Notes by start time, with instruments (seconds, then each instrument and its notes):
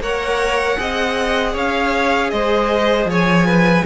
0.00 cello A#3, viola A#4, violin C#5 F#5
0.77 cello C4, viola G#4, violin D#5
1.53 cello C#4, violin C#5 F5
2.30 cello G#3, violin C5 D#5
3.05 cello F3, violin C#5
3.12 violin G#5
3.46 violin B4